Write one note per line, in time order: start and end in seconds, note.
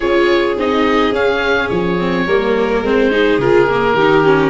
0.00 0.58 C#4
0.00 0.57 F4
0.00 2.25 G#4
0.00 0.55 C#5
0.58 1.11 C4
0.58 1.12 D#4
0.58 1.14 D#5
1.11 1.68 C#4
1.11 1.97 C#4
1.11 1.69 F5
1.69 2.26 F3
1.69 2.82 C#5
1.98 2.27 C4
2.26 2.81 G3
2.26 2.84 A#3
2.26 3.10 A#4
2.81 3.38 G#3
2.81 3.10 C4
2.81 3.40 C5
3.10 3.39 D#4
3.10 3.95 G#4
3.38 3.93 C#3
3.38 3.68 F4
3.38 4.49 A#4
3.68 3.96 A#3
3.93 4.49 D#3
3.93 4.49 G4
4.00 4.24 D#4
4.24 4.49 C#4